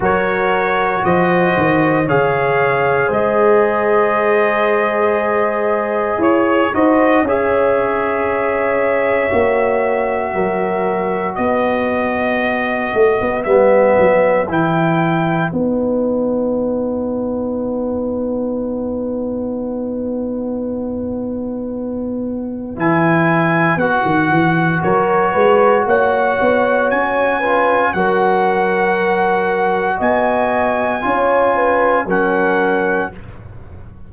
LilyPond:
<<
  \new Staff \with { instrumentName = "trumpet" } { \time 4/4 \tempo 4 = 58 cis''4 dis''4 f''4 dis''4~ | dis''2 cis''8 dis''8 e''4~ | e''2. dis''4~ | dis''4 e''4 g''4 fis''4~ |
fis''1~ | fis''2 gis''4 fis''4 | cis''4 fis''4 gis''4 fis''4~ | fis''4 gis''2 fis''4 | }
  \new Staff \with { instrumentName = "horn" } { \time 4/4 ais'4 c''4 cis''4 c''4~ | c''2 cis''8 c''8 cis''4~ | cis''2 ais'4 b'4~ | b'1~ |
b'1~ | b'1 | ais'8 b'8 cis''4. b'8 ais'4~ | ais'4 dis''4 cis''8 b'8 ais'4 | }
  \new Staff \with { instrumentName = "trombone" } { \time 4/4 fis'2 gis'2~ | gis'2~ gis'8 fis'8 gis'4~ | gis'4 fis'2.~ | fis'4 b4 e'4 dis'4~ |
dis'1~ | dis'2 e'4 fis'4~ | fis'2~ fis'8 f'8 fis'4~ | fis'2 f'4 cis'4 | }
  \new Staff \with { instrumentName = "tuba" } { \time 4/4 fis4 f8 dis8 cis4 gis4~ | gis2 e'8 dis'8 cis'4~ | cis'4 ais4 fis4 b4~ | b8 a16 b16 g8 fis8 e4 b4~ |
b1~ | b2 e4 b16 dis16 e8 | fis8 gis8 ais8 b8 cis'4 fis4~ | fis4 b4 cis'4 fis4 | }
>>